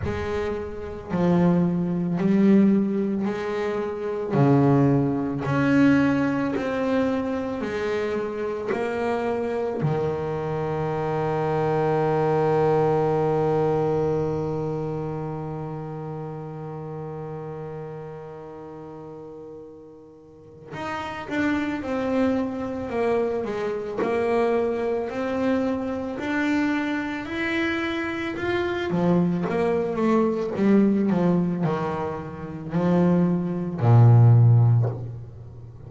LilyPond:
\new Staff \with { instrumentName = "double bass" } { \time 4/4 \tempo 4 = 55 gis4 f4 g4 gis4 | cis4 cis'4 c'4 gis4 | ais4 dis2.~ | dis1~ |
dis2. dis'8 d'8 | c'4 ais8 gis8 ais4 c'4 | d'4 e'4 f'8 f8 ais8 a8 | g8 f8 dis4 f4 ais,4 | }